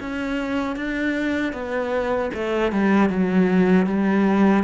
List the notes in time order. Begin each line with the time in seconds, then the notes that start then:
0.00 C#4
0.76 D4
1.53 B3
2.34 A3
2.72 G3
3.10 F#3
3.87 G3